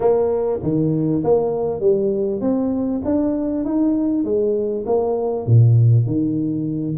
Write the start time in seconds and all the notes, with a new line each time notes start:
0.00 A#3
0.62 D#3
1.24 A#3
1.80 G3
2.40 C4
3.04 D4
3.64 D#4
4.24 G#3
4.86 A#3
5.46 A#2
6.06 D#3